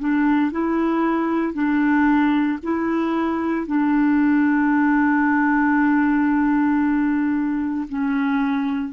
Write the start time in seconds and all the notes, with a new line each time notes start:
0.00 D4
0.52 E4
1.54 D4
2.63 E4
3.67 D4
7.89 C#4